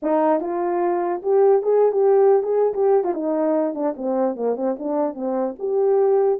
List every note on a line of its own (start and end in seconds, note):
0.02 0.40 D#4
0.40 1.21 F4
1.22 1.62 G4
1.62 1.92 G#4
1.92 2.42 G4
2.42 2.73 G#4
2.73 3.04 G4
3.04 3.13 F4
3.13 3.74 D#4
3.74 3.94 D4
3.96 4.35 C4
4.35 4.56 A#3
4.56 4.76 C4
4.78 5.14 D4
5.14 5.54 C4
5.58 6.39 G4